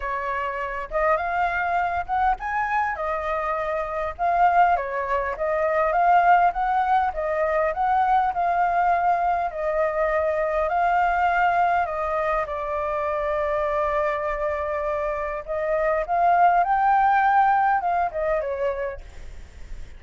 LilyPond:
\new Staff \with { instrumentName = "flute" } { \time 4/4 \tempo 4 = 101 cis''4. dis''8 f''4. fis''8 | gis''4 dis''2 f''4 | cis''4 dis''4 f''4 fis''4 | dis''4 fis''4 f''2 |
dis''2 f''2 | dis''4 d''2.~ | d''2 dis''4 f''4 | g''2 f''8 dis''8 cis''4 | }